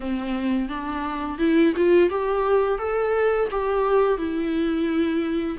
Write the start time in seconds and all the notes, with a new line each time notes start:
0.00 C4
0.68 D4
1.38 E4
1.76 F4
2.09 G4
2.78 A4
3.50 G4
4.17 E4